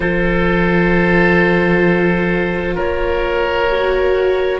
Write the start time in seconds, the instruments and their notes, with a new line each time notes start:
0.00 cello F3, viola F4, oboe A4, clarinet C5
2.74 cello A#3, oboe A#4, clarinet C#5
3.70 viola F#4